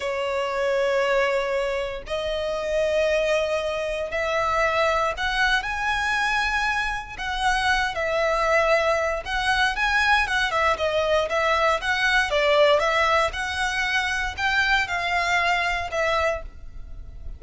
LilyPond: \new Staff \with { instrumentName = "violin" } { \time 4/4 \tempo 4 = 117 cis''1 | dis''1 | e''2 fis''4 gis''4~ | gis''2 fis''4. e''8~ |
e''2 fis''4 gis''4 | fis''8 e''8 dis''4 e''4 fis''4 | d''4 e''4 fis''2 | g''4 f''2 e''4 | }